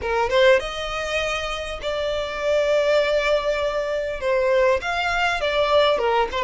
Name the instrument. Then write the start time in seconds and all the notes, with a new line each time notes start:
violin
0.01 A#4
0.29 C5
0.59 D#5
1.82 D5
4.20 C5
4.81 F5
5.40 D5
5.98 A#4
6.31 C5